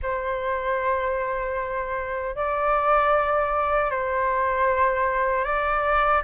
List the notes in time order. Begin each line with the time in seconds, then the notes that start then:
0.02 C5
2.35 D5
3.90 C5
5.44 D5